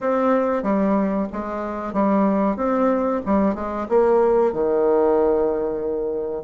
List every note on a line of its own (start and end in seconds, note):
0.00 0.62 C4
0.62 1.27 G3
1.32 1.93 G#3
1.93 2.56 G3
2.56 3.21 C4
3.25 3.55 G3
3.55 3.87 G#3
3.88 4.52 A#3
4.52 6.43 D#3